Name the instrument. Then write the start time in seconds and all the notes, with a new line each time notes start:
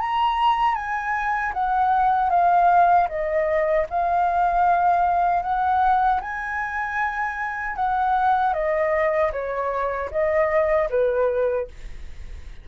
flute
0.00 A#5
0.75 G#5
1.53 F#5
2.30 F5
3.08 D#5
3.90 F5
5.43 F#5
6.21 G#5
7.76 F#5
8.53 D#5
9.32 C#5
10.11 D#5
10.89 B4